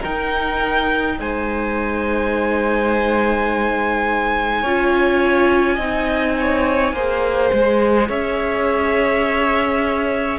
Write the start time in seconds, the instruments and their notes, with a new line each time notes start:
0.00 viola D#4, cello D#4, violin A#4 G5
1.19 cello G#3, violin C5 G#5
4.62 cello C#4, viola F4, violin C#5
5.75 cello C4, viola D#4, violin D#5
6.40 violin C#5
6.93 cello A#3, viola G#4, violin C5
7.54 cello G#3
8.09 cello C#4, violin C#5 E5